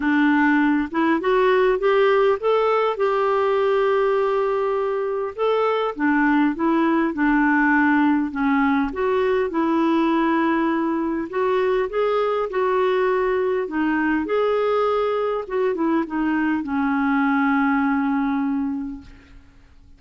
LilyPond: \new Staff \with { instrumentName = "clarinet" } { \time 4/4 \tempo 4 = 101 d'4. e'8 fis'4 g'4 | a'4 g'2.~ | g'4 a'4 d'4 e'4 | d'2 cis'4 fis'4 |
e'2. fis'4 | gis'4 fis'2 dis'4 | gis'2 fis'8 e'8 dis'4 | cis'1 | }